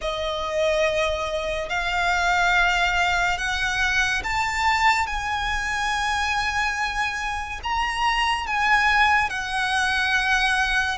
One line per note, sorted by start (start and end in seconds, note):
0.01 1.69 D#5
1.69 3.38 F5
3.38 4.22 F#5
4.23 5.06 A5
5.06 7.60 G#5
7.63 8.46 A#5
8.46 9.29 G#5
9.29 10.97 F#5